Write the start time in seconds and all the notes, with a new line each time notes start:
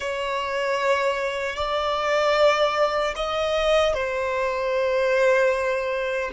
0.00 C#5
1.56 D5
3.16 D#5
3.94 C5